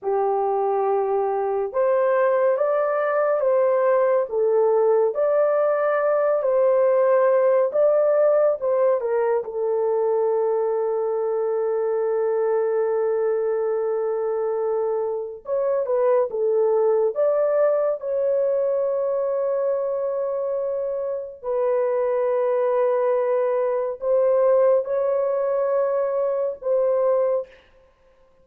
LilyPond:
\new Staff \with { instrumentName = "horn" } { \time 4/4 \tempo 4 = 70 g'2 c''4 d''4 | c''4 a'4 d''4. c''8~ | c''4 d''4 c''8 ais'8 a'4~ | a'1~ |
a'2 cis''8 b'8 a'4 | d''4 cis''2.~ | cis''4 b'2. | c''4 cis''2 c''4 | }